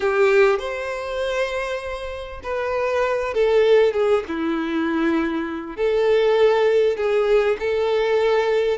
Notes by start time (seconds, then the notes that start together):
0.00 G4
0.58 C5
2.43 B4
3.33 A4
3.93 G#4
4.28 E4
5.76 A4
6.96 G#4
7.59 A4